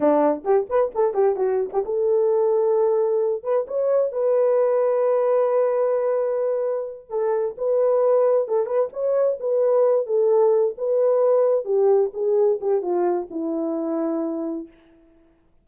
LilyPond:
\new Staff \with { instrumentName = "horn" } { \time 4/4 \tempo 4 = 131 d'4 g'8 b'8 a'8 g'8 fis'8. g'16 | a'2.~ a'8 b'8 | cis''4 b'2.~ | b'2.~ b'8 a'8~ |
a'8 b'2 a'8 b'8 cis''8~ | cis''8 b'4. a'4. b'8~ | b'4. g'4 gis'4 g'8 | f'4 e'2. | }